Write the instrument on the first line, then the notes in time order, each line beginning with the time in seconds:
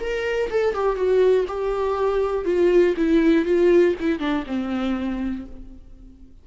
viola
0.00 A#4
0.50 A4
0.74 G4
0.96 F#4
1.47 G4
2.45 F4
2.97 E4
3.46 F4
4.00 E4
4.19 D4
4.47 C4